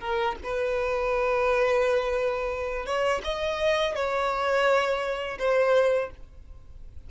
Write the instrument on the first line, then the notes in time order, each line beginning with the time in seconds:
violin
0.00 A#4
0.44 B4
2.86 C#5
3.24 D#5
3.95 C#5
5.39 C5